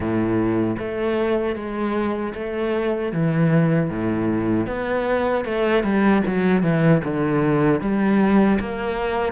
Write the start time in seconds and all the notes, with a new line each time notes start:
0.00 A2
0.79 A3
1.55 G#3
2.34 A3
3.12 E3
3.90 A2
4.66 B3
5.44 A3
5.83 G3
6.26 F#3
6.62 E3
7.04 D3
7.80 G3
8.59 A#3